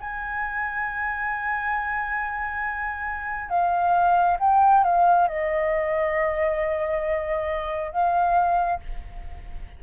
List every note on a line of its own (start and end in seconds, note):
0.00 3.49 G#5
3.49 4.38 F5
4.40 4.84 G5
4.84 5.28 F5
5.28 7.91 D#5
7.91 8.80 F5